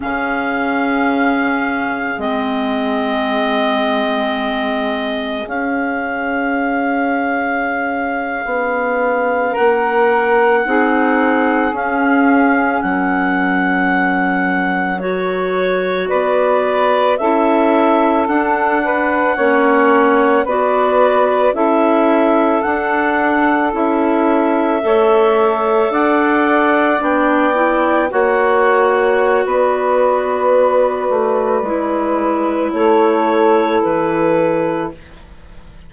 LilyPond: <<
  \new Staff \with { instrumentName = "clarinet" } { \time 4/4 \tempo 4 = 55 f''2 dis''2~ | dis''4 f''2.~ | f''8. fis''2 f''4 fis''16~ | fis''4.~ fis''16 cis''4 d''4 e''16~ |
e''8. fis''2 d''4 e''16~ | e''8. fis''4 e''2 fis''16~ | fis''8. g''4 fis''4~ fis''16 d''4~ | d''2 cis''4 b'4 | }
  \new Staff \with { instrumentName = "saxophone" } { \time 4/4 gis'1~ | gis'1~ | gis'8. ais'4 gis'2 ais'16~ | ais'2~ ais'8. b'4 a'16~ |
a'4~ a'16 b'8 cis''4 b'4 a'16~ | a'2~ a'8. cis''4 d''16~ | d''4.~ d''16 cis''4~ cis''16 b'4~ | b'2 a'2 | }
  \new Staff \with { instrumentName = "clarinet" } { \time 4/4 cis'2 c'2~ | c'4 cis'2.~ | cis'4.~ cis'16 dis'4 cis'4~ cis'16~ | cis'4.~ cis'16 fis'2 e'16~ |
e'8. d'4 cis'4 fis'4 e'16~ | e'8. d'4 e'4 a'4~ a'16~ | a'8. d'8 e'8 fis'2~ fis'16~ | fis'4 e'2. | }
  \new Staff \with { instrumentName = "bassoon" } { \time 4/4 cis2 gis2~ | gis4 cis'2~ cis'8. b16~ | b8. ais4 c'4 cis'4 fis16~ | fis2~ fis8. b4 cis'16~ |
cis'8. d'4 ais4 b4 cis'16~ | cis'8. d'4 cis'4 a4 d'16~ | d'8. b4 ais4~ ais16 b4~ | b8 a8 gis4 a4 e4 | }
>>